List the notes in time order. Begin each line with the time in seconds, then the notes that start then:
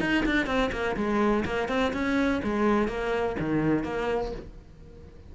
0.00 D#4
0.25 D4
0.46 C4
0.72 A#3
0.96 G#3
1.45 A#3
1.68 C4
1.93 C#4
2.44 G#3
2.88 A#3
3.39 D#3
3.83 A#3